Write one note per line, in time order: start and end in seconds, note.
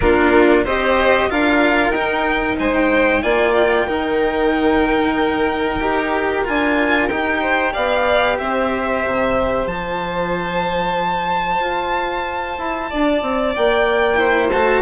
0.00 0.64 A#3
0.00 0.66 D4
0.00 0.64 F4
0.00 0.63 A#4
0.64 1.29 C4
0.64 1.29 G4
0.64 1.29 C5
0.64 1.30 D#5
1.29 1.90 D4
1.29 1.93 F4
1.29 2.58 A#4
1.29 1.91 F5
1.90 2.54 D#4
1.90 3.22 D#4
1.90 2.55 G5
2.59 3.23 G#3
2.59 3.23 C5
2.59 2.74 G#5
2.74 3.22 G5
3.22 3.85 A#3
3.22 3.87 F4
3.22 3.87 D5
3.22 3.53 G#5
3.53 6.43 G5
3.85 5.78 D#3
3.85 5.80 D#4
3.85 7.41 A#4
5.78 6.43 D#4
5.78 6.44 G4
6.44 7.09 D4
6.44 7.08 F4
6.44 7.08 G#5
7.08 7.74 D#4
7.08 9.67 G4
7.08 7.72 G5
7.41 7.73 C5
7.73 8.39 B3
7.73 8.37 D5
7.73 8.38 F5
8.38 9.04 C4
8.38 12.90 C5
8.38 9.67 E5
9.05 9.66 C3
9.66 11.59 F3
9.66 14.17 F4
9.66 13.54 A5
11.59 12.56 F4
12.58 12.90 E4
12.90 13.22 D4
12.90 14.18 D5
13.22 13.54 C4
13.55 14.52 A#3
13.55 14.49 G5
14.17 14.49 E4
14.17 14.81 C5
14.49 14.81 A3
14.49 14.81 F#4
14.49 14.81 A5